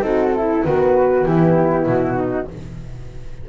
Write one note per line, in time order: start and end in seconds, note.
0.00 0.63 C4
0.00 0.31 D#4
0.00 0.36 F#4
0.00 0.64 A4
0.34 0.64 E4
0.34 0.66 E4
0.64 1.26 D#3
0.64 2.50 B3
0.64 1.27 F#4
0.64 1.25 B4
1.25 1.87 E3
1.25 2.17 E4
1.25 1.86 G4
1.87 2.48 B2
1.87 2.48 F#4
2.17 2.48 D#4